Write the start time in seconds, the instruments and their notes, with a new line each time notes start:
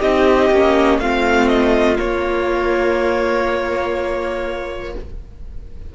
0.00 cello C4, viola D#4, violin G4 D#5
0.50 cello A#3, viola C#4
0.99 cello A3, viola C4, violin F4 F5
1.48 violin D#5
1.96 viola A#3, cello A#3, violin C#5